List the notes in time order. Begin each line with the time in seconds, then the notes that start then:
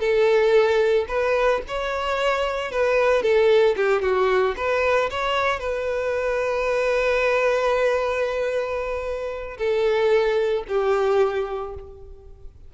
0.00 A4
1.08 B4
1.68 C#5
2.72 B4
3.23 A4
3.76 G4
4.02 F#4
4.57 B4
5.10 C#5
5.59 B4
9.58 A4
10.68 G4